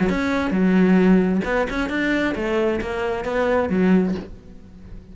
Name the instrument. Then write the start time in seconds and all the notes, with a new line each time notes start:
cello
0.00 F#3
0.10 C#4
0.51 F#3
1.45 B3
1.70 C#4
1.90 D4
2.35 A3
2.81 A#3
3.25 B3
3.70 F#3